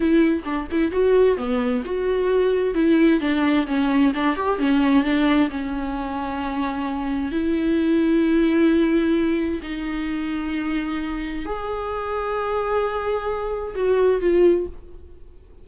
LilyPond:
\new Staff \with { instrumentName = "viola" } { \time 4/4 \tempo 4 = 131 e'4 d'8 e'8 fis'4 b4 | fis'2 e'4 d'4 | cis'4 d'8 g'8 cis'4 d'4 | cis'1 |
e'1~ | e'4 dis'2.~ | dis'4 gis'2.~ | gis'2 fis'4 f'4 | }